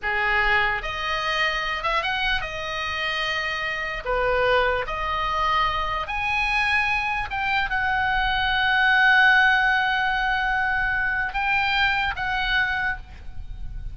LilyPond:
\new Staff \with { instrumentName = "oboe" } { \time 4/4 \tempo 4 = 148 gis'2 dis''2~ | dis''8 e''8 fis''4 dis''2~ | dis''2 b'2 | dis''2. gis''4~ |
gis''2 g''4 fis''4~ | fis''1~ | fis''1 | g''2 fis''2 | }